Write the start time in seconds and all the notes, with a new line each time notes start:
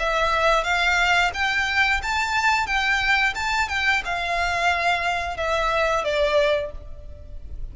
0.00 E5
0.64 F5
1.34 G5
2.03 A5
2.67 G5
3.36 A5
3.69 G5
4.05 F5
5.37 E5
6.05 D5